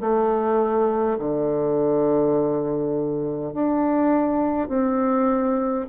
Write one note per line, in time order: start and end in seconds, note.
0.00 1.18 A3
1.19 3.53 D3
3.53 4.68 D4
4.68 5.86 C4